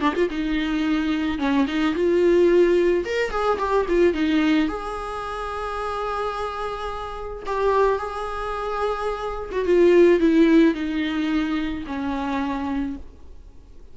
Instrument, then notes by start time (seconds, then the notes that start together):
viola
0.00 D4
0.15 F4
0.30 D#4
1.39 C#4
1.67 D#4
1.95 F4
3.05 A#4
3.31 G#4
3.59 G4
3.88 F4
4.14 D#4
4.68 G#4
7.46 G4
7.98 G#4
9.52 F#4
9.66 F4
10.20 E4
10.74 D#4
11.86 C#4